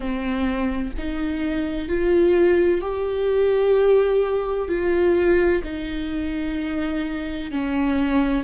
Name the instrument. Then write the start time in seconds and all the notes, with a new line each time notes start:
viola
0.00 C4
0.98 D#4
1.88 F4
2.81 G4
4.68 F4
5.63 D#4
7.51 C#4